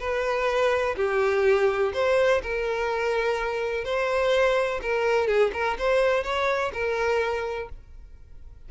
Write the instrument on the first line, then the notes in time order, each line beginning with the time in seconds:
violin
0.00 B4
0.97 G4
1.94 C5
2.43 A#4
3.85 C5
4.83 A#4
5.28 G#4
5.54 A#4
5.79 C5
6.24 C#5
6.74 A#4